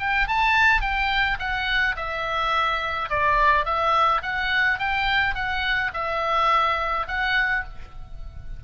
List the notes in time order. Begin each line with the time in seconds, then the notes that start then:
0.00 G5
0.28 A5
0.81 G5
1.39 F#5
1.96 E5
3.10 D5
3.66 E5
4.22 F#5
4.79 G5
5.35 F#5
5.94 E5
7.08 F#5